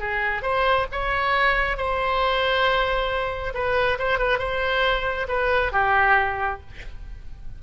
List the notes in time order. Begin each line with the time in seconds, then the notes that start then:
0.00 G#4
0.43 C5
0.92 C#5
1.77 C5
3.55 B4
3.99 C5
4.19 B4
4.39 C5
5.29 B4
5.73 G4